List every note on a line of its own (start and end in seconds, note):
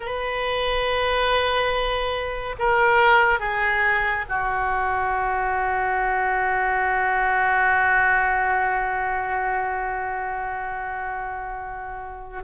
0.00 2.55 B4
2.58 3.39 A#4
3.39 4.25 G#4
4.28 12.42 F#4